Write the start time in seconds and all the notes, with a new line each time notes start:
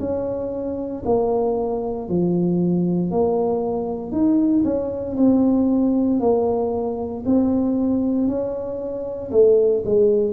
0.00 C#4
1.06 A#3
2.09 F3
3.11 A#3
4.12 D#4
4.65 C#4
5.17 C4
6.21 A#3
7.26 C4
8.28 C#4
9.32 A3
9.86 G#3